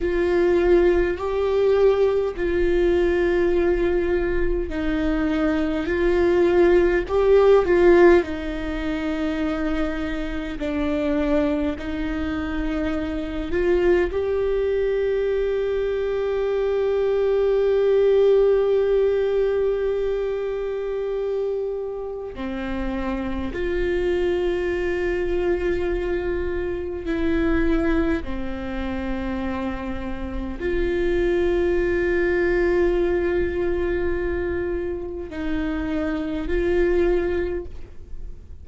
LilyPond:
\new Staff \with { instrumentName = "viola" } { \time 4/4 \tempo 4 = 51 f'4 g'4 f'2 | dis'4 f'4 g'8 f'8 dis'4~ | dis'4 d'4 dis'4. f'8 | g'1~ |
g'2. c'4 | f'2. e'4 | c'2 f'2~ | f'2 dis'4 f'4 | }